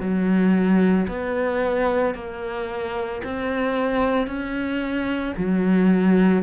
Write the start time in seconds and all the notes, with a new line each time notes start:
0.00 F#3
1.08 B3
2.15 A#3
3.24 C4
4.27 C#4
5.37 F#3